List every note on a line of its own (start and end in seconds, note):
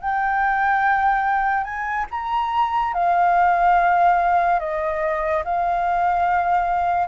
0.00 1.64 G5
1.64 2.06 G#5
2.11 2.94 A#5
2.94 4.59 F5
4.59 5.43 D#5
5.44 7.07 F5